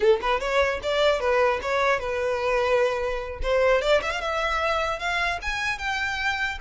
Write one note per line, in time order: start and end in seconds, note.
0.00 0.20 A4
0.21 0.40 B4
0.40 0.80 C#5
0.83 1.19 D5
1.19 1.59 B4
1.62 1.99 C#5
1.99 3.39 B4
3.42 3.81 C5
3.81 4.01 D5
4.02 4.10 E5
4.10 4.20 F5
4.20 4.99 E5
4.99 5.39 F5
5.42 5.78 G#5
5.78 6.58 G5